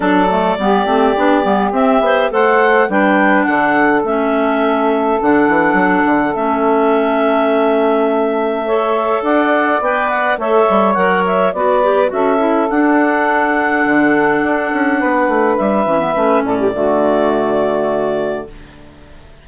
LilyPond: <<
  \new Staff \with { instrumentName = "clarinet" } { \time 4/4 \tempo 4 = 104 d''2. e''4 | fis''4 g''4 fis''4 e''4~ | e''4 fis''2 e''4~ | e''1 |
fis''4 g''8 fis''8 e''4 fis''8 e''8 | d''4 e''4 fis''2~ | fis''2. e''4~ | e''8 d''2.~ d''8 | }
  \new Staff \with { instrumentName = "saxophone" } { \time 4/4 a'4 g'2. | c''4 b'4 a'2~ | a'1~ | a'2. cis''4 |
d''2 cis''2 | b'4 a'2.~ | a'2 b'2~ | b'8 a'16 g'16 fis'2. | }
  \new Staff \with { instrumentName = "clarinet" } { \time 4/4 d'8 a8 b8 c'8 d'8 b8 c'8 c''8 | a'4 d'2 cis'4~ | cis'4 d'2 cis'4~ | cis'2. a'4~ |
a'4 b'4 a'4 ais'4 | fis'8 g'8 fis'8 e'8 d'2~ | d'2.~ d'8 cis'16 b16 | cis'4 a2. | }
  \new Staff \with { instrumentName = "bassoon" } { \time 4/4 fis4 g8 a8 b8 g8 c'8 b8 | a4 g4 d4 a4~ | a4 d8 e8 fis8 d8 a4~ | a1 |
d'4 b4 a8 g8 fis4 | b4 cis'4 d'2 | d4 d'8 cis'8 b8 a8 g8 e8 | a8 a,8 d2. | }
>>